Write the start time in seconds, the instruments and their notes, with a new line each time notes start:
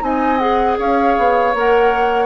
0.00 bassoon C4, clarinet D#4, oboe D#5, flute G#5
0.38 clarinet G#4, flute F#5
0.78 bassoon C#4, oboe C#5, flute F5
1.17 bassoon B3
1.53 bassoon A#3, clarinet A#4, flute F#5